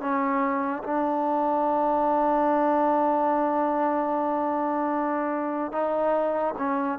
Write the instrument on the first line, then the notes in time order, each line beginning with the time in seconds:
trombone
0.00 C#4
0.83 D4
5.72 D#4
6.58 C#4